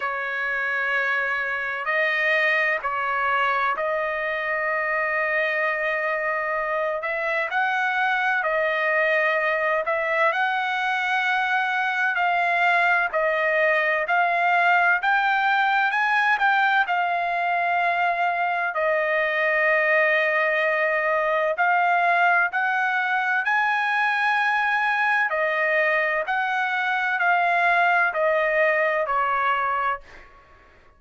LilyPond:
\new Staff \with { instrumentName = "trumpet" } { \time 4/4 \tempo 4 = 64 cis''2 dis''4 cis''4 | dis''2.~ dis''8 e''8 | fis''4 dis''4. e''8 fis''4~ | fis''4 f''4 dis''4 f''4 |
g''4 gis''8 g''8 f''2 | dis''2. f''4 | fis''4 gis''2 dis''4 | fis''4 f''4 dis''4 cis''4 | }